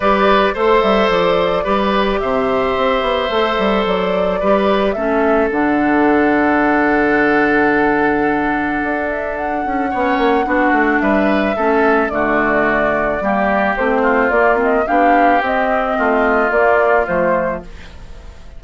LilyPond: <<
  \new Staff \with { instrumentName = "flute" } { \time 4/4 \tempo 4 = 109 d''4 c''8 e''8 d''2 | e''2. d''4~ | d''4 e''4 fis''2~ | fis''1~ |
fis''8 e''8 fis''2. | e''2 d''2~ | d''4 c''4 d''8 dis''8 f''4 | dis''2 d''4 c''4 | }
  \new Staff \with { instrumentName = "oboe" } { \time 4/4 b'4 c''2 b'4 | c''1 | b'4 a'2.~ | a'1~ |
a'2 cis''4 fis'4 | b'4 a'4 fis'2 | g'4. f'4. g'4~ | g'4 f'2. | }
  \new Staff \with { instrumentName = "clarinet" } { \time 4/4 g'4 a'2 g'4~ | g'2 a'2 | g'4 cis'4 d'2~ | d'1~ |
d'2 cis'4 d'4~ | d'4 cis'4 a2 | ais4 c'4 ais8 c'8 d'4 | c'2 ais4 a4 | }
  \new Staff \with { instrumentName = "bassoon" } { \time 4/4 g4 a8 g8 f4 g4 | c4 c'8 b8 a8 g8 fis4 | g4 a4 d2~ | d1 |
d'4. cis'8 b8 ais8 b8 a8 | g4 a4 d2 | g4 a4 ais4 b4 | c'4 a4 ais4 f4 | }
>>